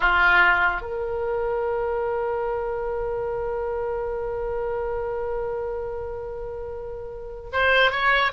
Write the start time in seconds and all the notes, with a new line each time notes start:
0.00 F4
0.81 A#4
7.52 C5
7.91 C#5